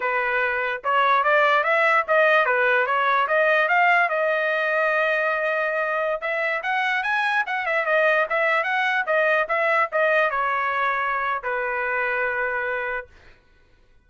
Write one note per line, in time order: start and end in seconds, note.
0.00 0.82 B4
0.84 1.23 C#5
1.23 1.63 D5
1.63 2.04 E5
2.07 2.45 D#5
2.45 2.86 B4
2.86 3.27 C#5
3.27 3.68 D#5
3.68 4.09 F5
4.09 6.21 D#5
6.21 6.61 E5
6.63 7.03 F#5
7.03 7.44 G#5
7.46 7.66 F#5
7.66 7.85 E5
7.85 8.26 D#5
8.29 8.63 E5
8.63 9.04 F#5
9.06 9.47 D#5
9.48 9.89 E5
9.91 10.30 D#5
10.30 11.42 C#5
11.43 13.06 B4